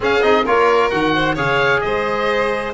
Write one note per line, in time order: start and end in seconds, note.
0.00 0.20 C#4
0.00 0.22 C#4
0.00 0.44 G#4
0.00 0.22 F5
0.21 0.45 C4
0.21 0.43 D#4
0.21 0.45 D#5
0.44 0.92 A#3
0.44 0.91 F4
0.44 1.13 A#4
0.44 0.90 C#5
0.90 1.37 D#3
0.90 1.36 F#4
0.90 1.35 F#5
1.14 1.34 C5
1.34 1.83 C#3
1.34 2.73 G#4
1.34 1.80 C#5
1.34 1.80 F5
1.80 2.73 G#3
1.80 2.73 C5
1.80 2.72 D#5